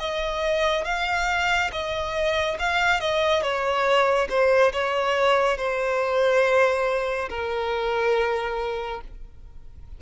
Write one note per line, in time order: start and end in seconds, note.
0.00 0.85 D#5
0.85 1.71 F5
1.73 2.58 D#5
2.60 3.01 F5
3.01 3.42 D#5
3.42 4.28 C#5
4.30 4.73 C5
4.73 5.58 C#5
5.58 7.29 C5
7.30 9.02 A#4